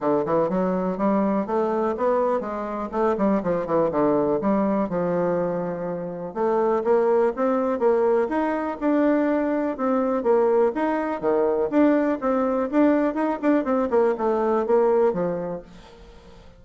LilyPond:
\new Staff \with { instrumentName = "bassoon" } { \time 4/4 \tempo 4 = 123 d8 e8 fis4 g4 a4 | b4 gis4 a8 g8 f8 e8 | d4 g4 f2~ | f4 a4 ais4 c'4 |
ais4 dis'4 d'2 | c'4 ais4 dis'4 dis4 | d'4 c'4 d'4 dis'8 d'8 | c'8 ais8 a4 ais4 f4 | }